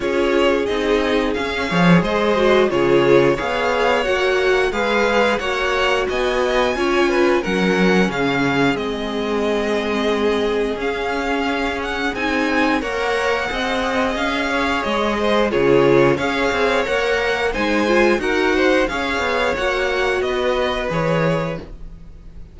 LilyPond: <<
  \new Staff \with { instrumentName = "violin" } { \time 4/4 \tempo 4 = 89 cis''4 dis''4 f''4 dis''4 | cis''4 f''4 fis''4 f''4 | fis''4 gis''2 fis''4 | f''4 dis''2. |
f''4. fis''8 gis''4 fis''4~ | fis''4 f''4 dis''4 cis''4 | f''4 fis''4 gis''4 fis''4 | f''4 fis''4 dis''4 cis''4 | }
  \new Staff \with { instrumentName = "violin" } { \time 4/4 gis'2~ gis'8 cis''8 c''4 | gis'4 cis''2 b'4 | cis''4 dis''4 cis''8 b'8 ais'4 | gis'1~ |
gis'2. cis''4 | dis''4. cis''4 c''8 gis'4 | cis''2 c''4 ais'8 c''8 | cis''2 b'2 | }
  \new Staff \with { instrumentName = "viola" } { \time 4/4 f'4 dis'4 cis'8 gis'4 fis'8 | f'4 gis'4 fis'4 gis'4 | fis'2 f'4 cis'4~ | cis'4 c'2. |
cis'2 dis'4 ais'4 | gis'2. f'4 | gis'4 ais'4 dis'8 f'8 fis'4 | gis'4 fis'2 gis'4 | }
  \new Staff \with { instrumentName = "cello" } { \time 4/4 cis'4 c'4 cis'8 f8 gis4 | cis4 b4 ais4 gis4 | ais4 b4 cis'4 fis4 | cis4 gis2. |
cis'2 c'4 ais4 | c'4 cis'4 gis4 cis4 | cis'8 c'8 ais4 gis4 dis'4 | cis'8 b8 ais4 b4 e4 | }
>>